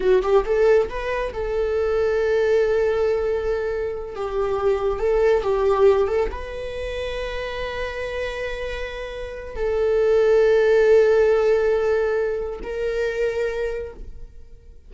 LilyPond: \new Staff \with { instrumentName = "viola" } { \time 4/4 \tempo 4 = 138 fis'8 g'8 a'4 b'4 a'4~ | a'1~ | a'4. g'2 a'8~ | a'8 g'4. a'8 b'4.~ |
b'1~ | b'2 a'2~ | a'1~ | a'4 ais'2. | }